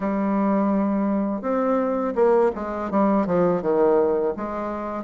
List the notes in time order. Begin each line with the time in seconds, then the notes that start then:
0.00 G3
1.41 C4
2.15 A#3
2.55 G#3
2.90 G3
3.26 F3
3.61 D#3
4.36 G#3